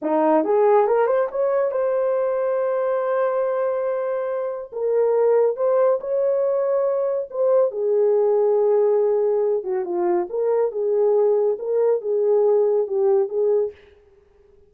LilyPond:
\new Staff \with { instrumentName = "horn" } { \time 4/4 \tempo 4 = 140 dis'4 gis'4 ais'8 c''8 cis''4 | c''1~ | c''2. ais'4~ | ais'4 c''4 cis''2~ |
cis''4 c''4 gis'2~ | gis'2~ gis'8 fis'8 f'4 | ais'4 gis'2 ais'4 | gis'2 g'4 gis'4 | }